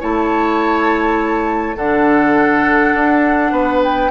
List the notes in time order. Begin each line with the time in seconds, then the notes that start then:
0.00 A3 E4 C#5 A5
1.76 D3 D4 A4 F#5
2.94 D4
3.51 B3 B4
3.83 G5